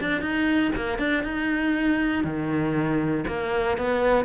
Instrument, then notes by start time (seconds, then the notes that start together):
cello
0.00 D4
0.21 D#4
0.75 A#3
0.98 D4
1.24 D#4
2.24 D#3
3.27 A#3
3.77 B3